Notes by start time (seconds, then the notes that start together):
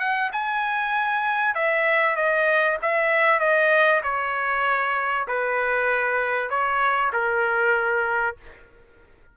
0.00 F#5
0.33 G#5
1.55 E5
2.16 D#5
2.83 E5
3.40 D#5
4.04 C#5
5.28 B4
6.50 C#5
7.13 A#4